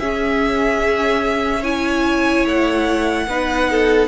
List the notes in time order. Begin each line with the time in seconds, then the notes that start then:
0.00 C#4 G#4 E5
1.60 E4 C#5 G#5
2.46 A3 F#5
3.28 B3 D#4 B4
3.71 A4